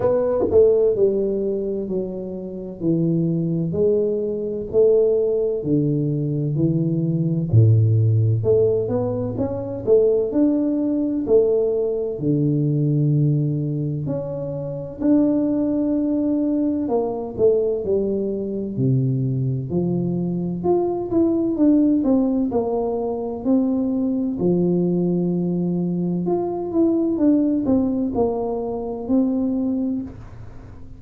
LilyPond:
\new Staff \with { instrumentName = "tuba" } { \time 4/4 \tempo 4 = 64 b8 a8 g4 fis4 e4 | gis4 a4 d4 e4 | a,4 a8 b8 cis'8 a8 d'4 | a4 d2 cis'4 |
d'2 ais8 a8 g4 | c4 f4 f'8 e'8 d'8 c'8 | ais4 c'4 f2 | f'8 e'8 d'8 c'8 ais4 c'4 | }